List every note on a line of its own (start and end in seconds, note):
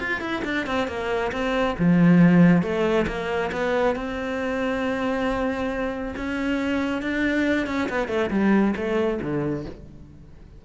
0.00 0.21 F4
0.21 0.43 E4
0.45 0.67 D4
0.67 0.88 C4
0.88 1.32 A#3
1.33 1.76 C4
1.79 2.63 F3
2.63 3.07 A3
3.08 3.51 A#3
3.53 3.96 B3
3.96 6.15 C4
6.17 7.02 C#4
7.02 7.67 D4
7.67 7.89 C#4
7.90 8.09 B3
8.09 8.31 A3
8.31 8.75 G3
8.77 9.20 A3
9.22 9.66 D3